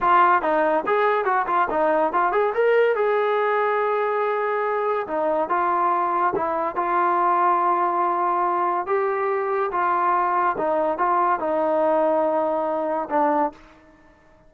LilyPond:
\new Staff \with { instrumentName = "trombone" } { \time 4/4 \tempo 4 = 142 f'4 dis'4 gis'4 fis'8 f'8 | dis'4 f'8 gis'8 ais'4 gis'4~ | gis'1 | dis'4 f'2 e'4 |
f'1~ | f'4 g'2 f'4~ | f'4 dis'4 f'4 dis'4~ | dis'2. d'4 | }